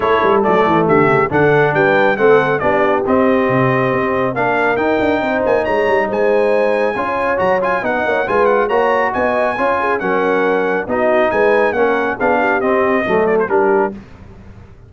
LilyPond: <<
  \new Staff \with { instrumentName = "trumpet" } { \time 4/4 \tempo 4 = 138 cis''4 d''4 e''4 fis''4 | g''4 fis''4 d''4 dis''4~ | dis''2 f''4 g''4~ | g''8 gis''8 ais''4 gis''2~ |
gis''4 ais''8 gis''8 fis''4 gis''8 fis''8 | ais''4 gis''2 fis''4~ | fis''4 dis''4 gis''4 fis''4 | f''4 dis''4. d''16 c''16 ais'4 | }
  \new Staff \with { instrumentName = "horn" } { \time 4/4 a'2 g'4 a'4 | b'4 a'4 g'2~ | g'2 ais'2 | c''4 cis''4 c''2 |
cis''2 dis''8 cis''8 b'4 | cis''4 dis''4 cis''8 gis'8 ais'4~ | ais'4 fis'4 b'4 ais'4 | gis'8 g'4. a'4 g'4 | }
  \new Staff \with { instrumentName = "trombone" } { \time 4/4 e'4 a2 d'4~ | d'4 c'4 d'4 c'4~ | c'2 d'4 dis'4~ | dis'1 |
f'4 fis'8 f'8 dis'4 f'4 | fis'2 f'4 cis'4~ | cis'4 dis'2 cis'4 | d'4 c'4 a4 d'4 | }
  \new Staff \with { instrumentName = "tuba" } { \time 4/4 a8 g8 fis8 e8 d8 cis8 d4 | g4 a4 b4 c'4 | c4 c'4 ais4 dis'8 d'8 | c'8 ais8 gis8 g8 gis2 |
cis'4 fis4 b8 ais8 gis4 | ais4 b4 cis'4 fis4~ | fis4 b4 gis4 ais4 | b4 c'4 fis4 g4 | }
>>